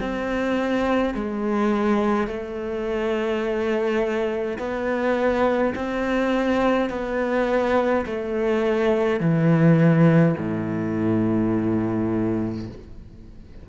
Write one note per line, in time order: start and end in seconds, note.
0.00 1.14 C4
1.14 2.27 G#3
2.27 4.58 A3
4.58 5.74 B3
5.75 6.90 C4
6.90 8.05 B3
8.06 9.20 A3
9.20 10.35 E3
10.37 12.68 A2